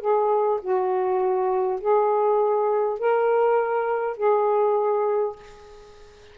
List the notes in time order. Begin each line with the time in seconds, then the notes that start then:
0.00 G#4
0.61 F#4
1.81 G#4
2.99 A#4
4.17 G#4